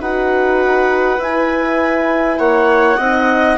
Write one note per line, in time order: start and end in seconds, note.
0.00 1.18 D#4
0.00 1.20 F#4
0.00 2.39 B4
0.00 1.22 F#5
1.18 2.38 E4
1.18 3.00 E4
1.18 2.39 G#5
2.38 2.98 A#3
2.38 2.97 C#5
2.38 3.58 F#5
2.97 3.58 C4
2.97 3.58 D#4
2.97 3.57 D#5